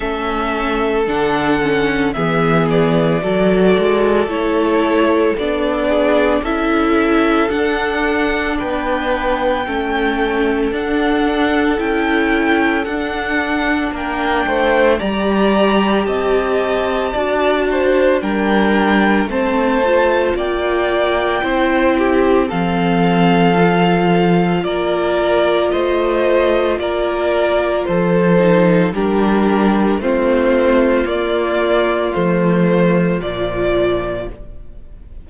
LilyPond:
<<
  \new Staff \with { instrumentName = "violin" } { \time 4/4 \tempo 4 = 56 e''4 fis''4 e''8 d''4. | cis''4 d''4 e''4 fis''4 | g''2 fis''4 g''4 | fis''4 g''4 ais''4 a''4~ |
a''4 g''4 a''4 g''4~ | g''4 f''2 d''4 | dis''4 d''4 c''4 ais'4 | c''4 d''4 c''4 d''4 | }
  \new Staff \with { instrumentName = "violin" } { \time 4/4 a'2 gis'4 a'4~ | a'4. gis'8 a'2 | b'4 a'2.~ | a'4 ais'8 c''8 d''4 dis''4 |
d''8 c''8 ais'4 c''4 d''4 | c''8 g'8 a'2 ais'4 | c''4 ais'4 a'4 g'4 | f'1 | }
  \new Staff \with { instrumentName = "viola" } { \time 4/4 cis'4 d'8 cis'8 b4 fis'4 | e'4 d'4 e'4 d'4~ | d'4 cis'4 d'4 e'4 | d'2 g'2 |
fis'4 d'4 c'8 f'4. | e'4 c'4 f'2~ | f'2~ f'8 dis'8 d'4 | c'4 ais4 a4 f4 | }
  \new Staff \with { instrumentName = "cello" } { \time 4/4 a4 d4 e4 fis8 gis8 | a4 b4 cis'4 d'4 | b4 a4 d'4 cis'4 | d'4 ais8 a8 g4 c'4 |
d'4 g4 a4 ais4 | c'4 f2 ais4 | a4 ais4 f4 g4 | a4 ais4 f4 ais,4 | }
>>